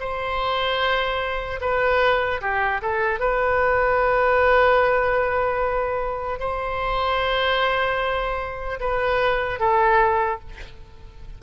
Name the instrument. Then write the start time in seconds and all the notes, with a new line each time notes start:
oboe
0.00 C5
1.61 B4
2.41 G4
2.81 A4
3.19 B4
6.39 C5
8.80 B4
9.60 A4